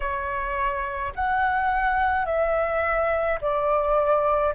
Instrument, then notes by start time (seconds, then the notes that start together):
flute
0.00 C#5
1.15 F#5
2.25 E5
3.41 D5